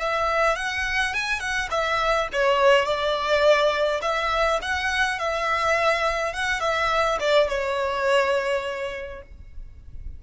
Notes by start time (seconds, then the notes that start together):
0.00 E5
0.56 F#5
1.14 G#5
1.40 F#5
1.71 E5
2.33 C#5
2.86 D5
4.02 E5
4.62 F#5
5.19 E5
6.34 F#5
6.61 E5
7.20 D5
7.49 C#5